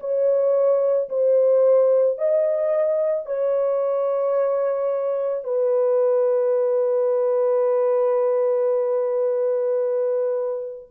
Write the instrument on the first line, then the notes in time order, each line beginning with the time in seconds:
horn
0.00 C#5
1.10 C5
2.18 D#5
3.26 C#5
5.44 B4